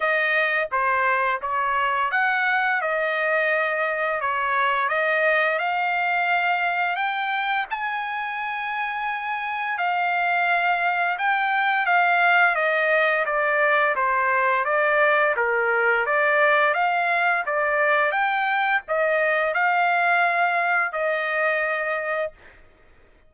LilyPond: \new Staff \with { instrumentName = "trumpet" } { \time 4/4 \tempo 4 = 86 dis''4 c''4 cis''4 fis''4 | dis''2 cis''4 dis''4 | f''2 g''4 gis''4~ | gis''2 f''2 |
g''4 f''4 dis''4 d''4 | c''4 d''4 ais'4 d''4 | f''4 d''4 g''4 dis''4 | f''2 dis''2 | }